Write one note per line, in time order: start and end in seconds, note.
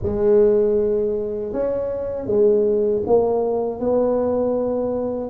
0.02 1.53 G#3
1.53 2.26 C#4
2.26 3.02 G#3
3.06 3.80 A#3
3.80 5.30 B3